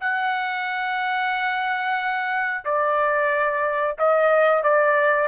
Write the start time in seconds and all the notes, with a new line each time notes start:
0.00 F#5
2.65 D5
3.98 D#5
4.62 D5